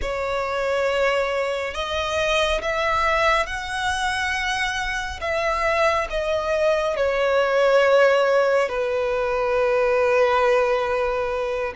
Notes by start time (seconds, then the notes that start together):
0.01 C#5
1.74 D#5
2.61 E5
3.46 F#5
5.20 E5
6.09 D#5
6.96 C#5
8.68 B4